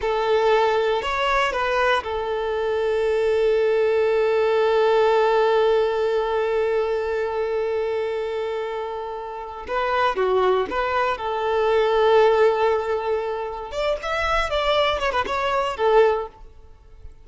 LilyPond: \new Staff \with { instrumentName = "violin" } { \time 4/4 \tempo 4 = 118 a'2 cis''4 b'4 | a'1~ | a'1~ | a'1~ |
a'2. b'4 | fis'4 b'4 a'2~ | a'2. d''8 e''8~ | e''8 d''4 cis''16 b'16 cis''4 a'4 | }